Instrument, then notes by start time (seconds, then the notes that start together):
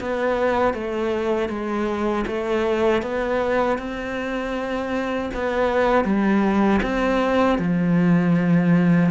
cello
0.00 B3
0.74 A3
1.49 G#3
2.26 A3
3.02 B3
3.78 C4
5.34 B3
6.04 G3
6.82 C4
7.58 F3